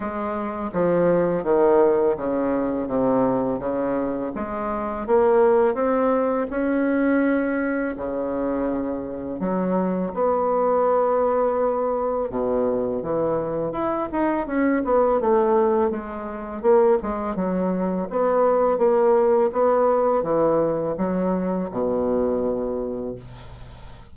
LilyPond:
\new Staff \with { instrumentName = "bassoon" } { \time 4/4 \tempo 4 = 83 gis4 f4 dis4 cis4 | c4 cis4 gis4 ais4 | c'4 cis'2 cis4~ | cis4 fis4 b2~ |
b4 b,4 e4 e'8 dis'8 | cis'8 b8 a4 gis4 ais8 gis8 | fis4 b4 ais4 b4 | e4 fis4 b,2 | }